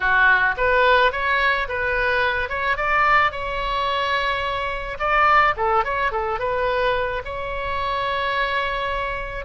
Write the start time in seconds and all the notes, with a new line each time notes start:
0.00 F#4
0.57 B4
1.12 C#5
1.68 B4
2.49 C#5
2.76 D5
3.31 C#5
4.98 D5
5.57 A4
5.84 C#5
6.11 A4
6.39 B4
7.24 C#5